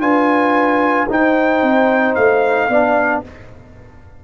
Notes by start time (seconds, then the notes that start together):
0.00 D4 F4 B4 G#5
1.09 D#4 C5 G5
1.62 C4
2.15 A3 F5
2.69 B3 D4 D5